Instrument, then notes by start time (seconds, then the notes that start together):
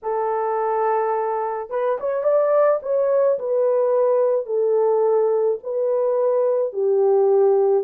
horn
0.02 A4
1.70 B4
2.00 C#5
2.23 D5
2.82 C#5
3.38 B4
4.46 A4
5.63 B4
6.72 G4